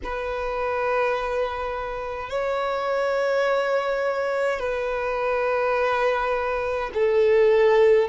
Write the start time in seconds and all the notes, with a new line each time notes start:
0.03 B4
2.29 C#5
4.59 B4
6.93 A4